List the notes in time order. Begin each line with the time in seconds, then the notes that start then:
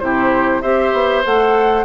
0.00 C3 E4 G4 C5
0.62 C4 G4 C5 E5
0.93 B3
1.25 A3 A4 F#5